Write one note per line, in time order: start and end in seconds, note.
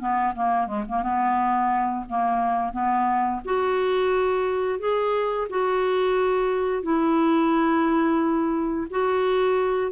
0.00 0.34 B3
0.35 0.67 A#3
0.67 0.84 G#3
0.89 1.03 A#3
1.03 2.05 B3
2.09 2.73 A#3
2.73 3.41 B3
3.45 4.79 F#4
4.79 5.48 G#4
5.50 6.83 F#4
6.83 8.88 E4
8.91 9.92 F#4